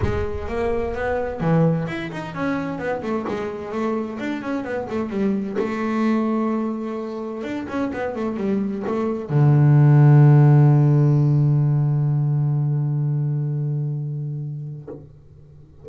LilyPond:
\new Staff \with { instrumentName = "double bass" } { \time 4/4 \tempo 4 = 129 gis4 ais4 b4 e4 | e'8 dis'8 cis'4 b8 a8 gis4 | a4 d'8 cis'8 b8 a8 g4 | a1 |
d'8 cis'8 b8 a8 g4 a4 | d1~ | d1~ | d1 | }